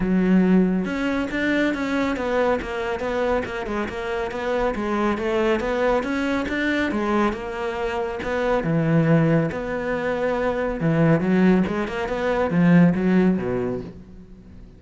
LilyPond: \new Staff \with { instrumentName = "cello" } { \time 4/4 \tempo 4 = 139 fis2 cis'4 d'4 | cis'4 b4 ais4 b4 | ais8 gis8 ais4 b4 gis4 | a4 b4 cis'4 d'4 |
gis4 ais2 b4 | e2 b2~ | b4 e4 fis4 gis8 ais8 | b4 f4 fis4 b,4 | }